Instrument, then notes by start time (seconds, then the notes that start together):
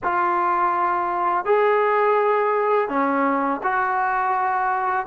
trombone
0.03 F4
1.45 G#4
2.88 C#4
3.63 F#4